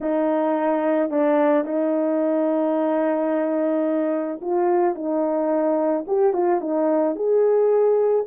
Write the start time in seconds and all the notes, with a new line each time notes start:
0.00 D#4
1.10 D4
1.64 D#4
4.41 F4
4.95 D#4
6.07 G4
6.33 F4
6.61 D#4
7.15 G#4